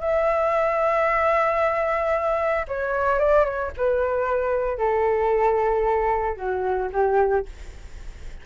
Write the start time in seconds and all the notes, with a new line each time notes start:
0.00 E5
2.68 C#5
3.19 D5
3.44 C#5
3.77 B4
4.78 A4
6.36 F#4
6.92 G4